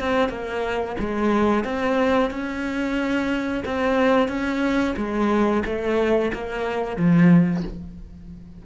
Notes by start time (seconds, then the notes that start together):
0.00 C4
0.29 A#3
1.00 G#3
1.64 C4
2.31 C#4
3.65 C4
4.28 C#4
4.97 G#3
5.65 A3
6.33 A#3
6.97 F3